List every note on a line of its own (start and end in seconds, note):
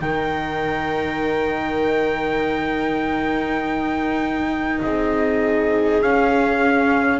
0.00 4.80 D#3
0.00 6.01 D#4
0.00 4.83 A#4
0.00 4.80 G5
4.82 6.01 C4
4.82 7.19 G#4
4.82 6.02 D#5
6.01 7.19 C#4
6.01 7.19 F5